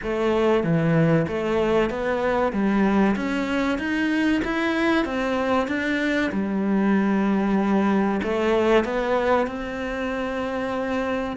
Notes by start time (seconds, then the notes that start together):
0.02 A3
0.63 E3
1.27 A3
1.89 B3
2.52 G3
3.16 C#4
3.78 D#4
4.44 E4
5.05 C4
5.67 D4
6.31 G3
8.23 A3
8.84 B3
9.47 C4